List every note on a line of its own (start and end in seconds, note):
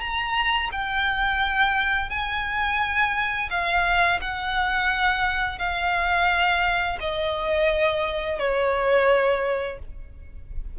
0.00 0.70 A#5
0.72 2.10 G5
2.10 3.49 G#5
3.50 4.20 F5
4.21 5.59 F#5
5.59 6.98 F5
7.00 8.39 D#5
8.39 9.79 C#5